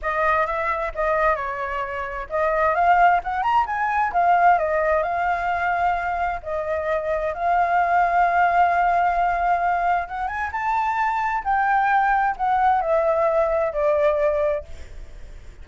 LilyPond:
\new Staff \with { instrumentName = "flute" } { \time 4/4 \tempo 4 = 131 dis''4 e''4 dis''4 cis''4~ | cis''4 dis''4 f''4 fis''8 ais''8 | gis''4 f''4 dis''4 f''4~ | f''2 dis''2 |
f''1~ | f''2 fis''8 gis''8 a''4~ | a''4 g''2 fis''4 | e''2 d''2 | }